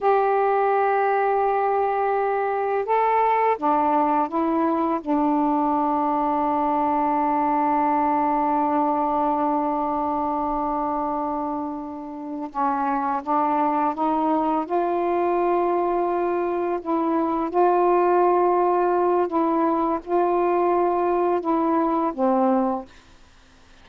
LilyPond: \new Staff \with { instrumentName = "saxophone" } { \time 4/4 \tempo 4 = 84 g'1 | a'4 d'4 e'4 d'4~ | d'1~ | d'1~ |
d'4. cis'4 d'4 dis'8~ | dis'8 f'2. e'8~ | e'8 f'2~ f'8 e'4 | f'2 e'4 c'4 | }